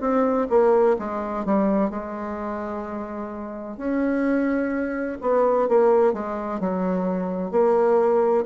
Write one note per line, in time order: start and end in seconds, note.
0.00 0.47 C4
0.49 0.96 A#3
0.98 1.45 G#3
1.45 1.90 G3
1.90 3.77 G#3
3.77 5.18 C#4
5.21 5.68 B3
5.68 6.13 A#3
6.13 6.60 G#3
6.60 7.51 F#3
7.51 8.45 A#3